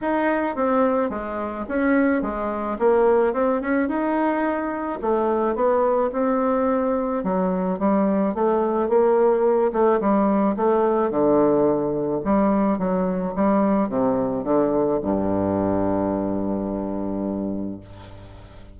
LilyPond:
\new Staff \with { instrumentName = "bassoon" } { \time 4/4 \tempo 4 = 108 dis'4 c'4 gis4 cis'4 | gis4 ais4 c'8 cis'8 dis'4~ | dis'4 a4 b4 c'4~ | c'4 fis4 g4 a4 |
ais4. a8 g4 a4 | d2 g4 fis4 | g4 c4 d4 g,4~ | g,1 | }